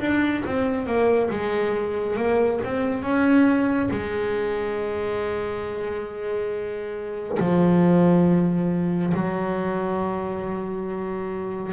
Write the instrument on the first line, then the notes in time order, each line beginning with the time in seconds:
double bass
0.00 D4
0.45 C4
0.86 A#3
1.30 G#3
2.16 A#3
2.64 C4
3.02 C#4
3.91 G#3
7.40 F3
9.14 F#3